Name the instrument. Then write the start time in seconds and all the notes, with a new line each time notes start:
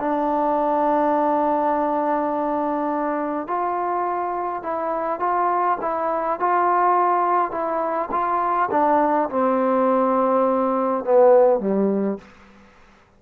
trombone
0.00 D4
3.47 F4
4.63 E4
5.20 F4
5.81 E4
6.40 F4
7.51 E4
8.12 F4
8.71 D4
9.30 C4
11.05 B3
11.60 G3